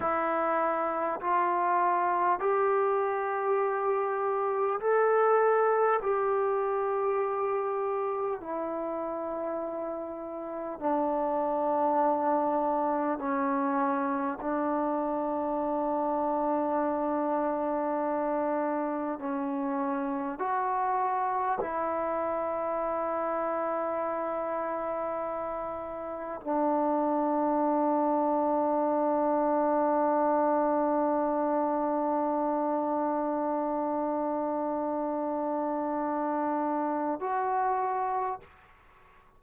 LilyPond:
\new Staff \with { instrumentName = "trombone" } { \time 4/4 \tempo 4 = 50 e'4 f'4 g'2 | a'4 g'2 e'4~ | e'4 d'2 cis'4 | d'1 |
cis'4 fis'4 e'2~ | e'2 d'2~ | d'1~ | d'2. fis'4 | }